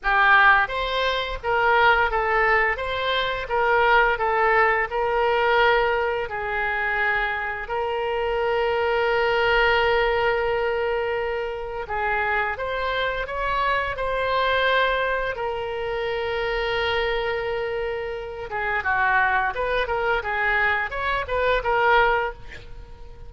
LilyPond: \new Staff \with { instrumentName = "oboe" } { \time 4/4 \tempo 4 = 86 g'4 c''4 ais'4 a'4 | c''4 ais'4 a'4 ais'4~ | ais'4 gis'2 ais'4~ | ais'1~ |
ais'4 gis'4 c''4 cis''4 | c''2 ais'2~ | ais'2~ ais'8 gis'8 fis'4 | b'8 ais'8 gis'4 cis''8 b'8 ais'4 | }